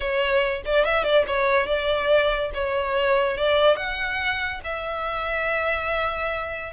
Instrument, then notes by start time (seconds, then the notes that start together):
violin
0.00 C#5
0.65 D5
0.84 E5
1.03 D5
1.27 C#5
1.66 D5
2.54 C#5
3.37 D5
3.76 F#5
4.64 E5